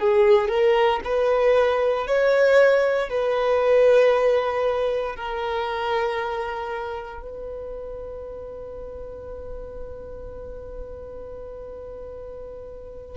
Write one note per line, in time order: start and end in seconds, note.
0.00 0.49 G#4
0.49 1.01 A#4
1.05 2.07 B4
2.07 3.10 C#5
3.10 5.16 B4
5.16 7.23 A#4
7.23 13.18 B4